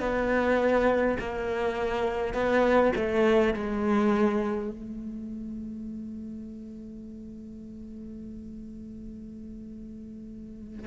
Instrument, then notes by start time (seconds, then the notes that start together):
cello
0.00 B3
1.20 A#3
2.34 B3
2.96 A3
3.54 G#3
4.71 A3